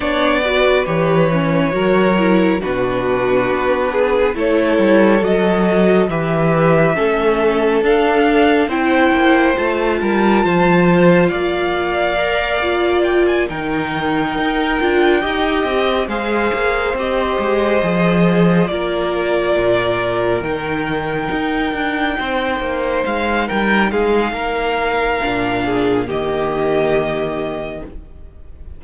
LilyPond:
<<
  \new Staff \with { instrumentName = "violin" } { \time 4/4 \tempo 4 = 69 d''4 cis''2 b'4~ | b'4 cis''4 dis''4 e''4~ | e''4 f''4 g''4 a''4~ | a''4 f''2 g''16 gis''16 g''8~ |
g''2~ g''8 f''4 dis''8~ | dis''4. d''2 g''8~ | g''2~ g''8 f''8 g''8 f''8~ | f''2 dis''2 | }
  \new Staff \with { instrumentName = "violin" } { \time 4/4 cis''8 b'4. ais'4 fis'4~ | fis'8 gis'8 a'2 b'4 | a'2 c''4. ais'8 | c''4 d''2~ d''8 ais'8~ |
ais'4. dis''4 c''4.~ | c''4. ais'2~ ais'8~ | ais'4. c''4. ais'8 gis'8 | ais'4. gis'8 g'2 | }
  \new Staff \with { instrumentName = "viola" } { \time 4/4 d'8 fis'8 g'8 cis'8 fis'8 e'8 d'4~ | d'4 e'4 fis'4 g'4 | cis'4 d'4 e'4 f'4~ | f'2 ais'8 f'4 dis'8~ |
dis'4 f'8 g'4 gis'4 g'8~ | g'8 gis'4 f'2 dis'8~ | dis'1~ | dis'4 d'4 ais2 | }
  \new Staff \with { instrumentName = "cello" } { \time 4/4 b4 e4 fis4 b,4 | b4 a8 g8 fis4 e4 | a4 d'4 c'8 ais8 a8 g8 | f4 ais2~ ais8 dis8~ |
dis8 dis'8 d'8 dis'8 c'8 gis8 ais8 c'8 | gis8 f4 ais4 ais,4 dis8~ | dis8 dis'8 d'8 c'8 ais8 gis8 g8 gis8 | ais4 ais,4 dis2 | }
>>